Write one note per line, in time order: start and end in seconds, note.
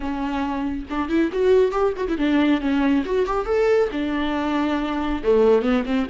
0.00 0.85 C#4
0.90 1.08 D4
1.08 1.30 E4
1.32 1.71 F#4
1.71 1.93 G4
1.96 2.07 F#4
2.08 2.17 E4
2.17 2.60 D4
2.60 3.04 C#4
3.05 3.25 F#4
3.25 3.45 G4
3.45 3.89 A4
3.91 5.22 D4
5.23 5.62 A3
5.62 5.83 B3
5.85 6.07 C4